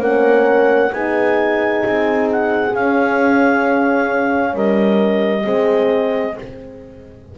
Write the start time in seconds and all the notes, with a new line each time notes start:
0.00 A#3 C#4 A#4 F#5
0.92 B3 D#4 G#4 G#5
1.86 C4
2.32 F#5
2.74 C#4 F5
4.54 G3 A#4 D#5
5.44 G#3 C4 G#4